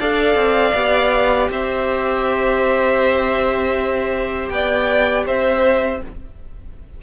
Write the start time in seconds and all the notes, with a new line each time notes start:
0.00 D4 A4 D5 F5
0.35 C4
0.74 B3 G4
1.50 C4 C5 E5
4.49 B3 D5 G5
5.27 C4 C5 E5